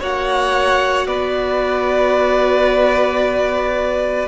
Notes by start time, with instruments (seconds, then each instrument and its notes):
0.00 cello A#3, viola F#4, violin C#5 F#5
1.07 cello B3, violin B4 D5